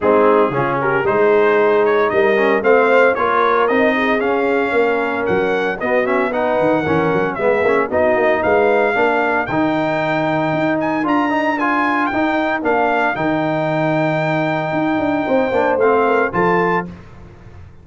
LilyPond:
<<
  \new Staff \with { instrumentName = "trumpet" } { \time 4/4 \tempo 4 = 114 gis'4. ais'8 c''4. cis''8 | dis''4 f''4 cis''4 dis''4 | f''2 fis''4 dis''8 e''8 | fis''2 e''4 dis''4 |
f''2 g''2~ | g''8 gis''8 ais''4 gis''4 g''4 | f''4 g''2.~ | g''2 f''4 a''4 | }
  \new Staff \with { instrumentName = "horn" } { \time 4/4 dis'4 f'8 g'8 gis'2 | ais'4 c''4 ais'4. gis'8~ | gis'4 ais'2 fis'4 | b'4 ais'4 gis'4 fis'4 |
b'4 ais'2.~ | ais'1~ | ais'1~ | ais'4 c''4. ais'8 a'4 | }
  \new Staff \with { instrumentName = "trombone" } { \time 4/4 c'4 cis'4 dis'2~ | dis'8 cis'8 c'4 f'4 dis'4 | cis'2. b8 cis'8 | dis'4 cis'4 b8 cis'8 dis'4~ |
dis'4 d'4 dis'2~ | dis'4 f'8 dis'8 f'4 dis'4 | d'4 dis'2.~ | dis'4. d'8 c'4 f'4 | }
  \new Staff \with { instrumentName = "tuba" } { \time 4/4 gis4 cis4 gis2 | g4 a4 ais4 c'4 | cis'4 ais4 fis4 b4~ | b8 dis8 e8 fis8 gis8 ais8 b8 ais8 |
gis4 ais4 dis2 | dis'4 d'2 dis'4 | ais4 dis2. | dis'8 d'8 c'8 ais8 a4 f4 | }
>>